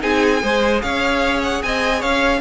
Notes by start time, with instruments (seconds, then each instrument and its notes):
0.00 cello C4, viola D#4, violin G#4 G#5
0.42 cello G#3, viola G#4, violin C5
0.81 cello C#4, violin C#5 F5
1.43 violin F#5
1.62 cello C4, violin D#5 G#5
1.99 cello C#4, violin C#5 F5